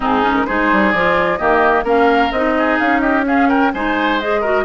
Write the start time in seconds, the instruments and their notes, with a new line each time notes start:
0.00 bassoon G#2, clarinet C4, oboe D#4, flute G#4
0.23 clarinet C#4
0.34 flute A#4
0.45 bassoon G#3, clarinet D#4, oboe G#4, flute C5
0.72 bassoon G3
0.91 bassoon F3, clarinet F4, flute D5
1.37 bassoon D#3, clarinet A#3, oboe G4, flute D#5
1.83 bassoon A#3, clarinet C#4, oboe A#4, flute F5
2.31 bassoon C4, clarinet D#4, flute D#5
2.58 oboe G#4
2.79 bassoon C#4, flute F5
2.99 oboe G4, flute D#5
3.24 clarinet C#4, oboe G#4, flute F5
3.48 oboe A#4, flute G5
3.73 bassoon G#3, clarinet D#4, oboe C5, flute G#5
4.19 clarinet G#4, flute D#5
4.40 clarinet F#4, oboe A#4